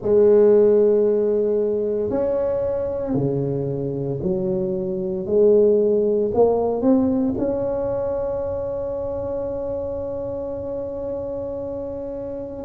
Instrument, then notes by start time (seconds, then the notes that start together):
tuba
0.01 G#3
2.10 C#4
3.14 C#3
4.22 F#3
5.25 G#3
6.33 A#3
6.81 C4
7.37 C#4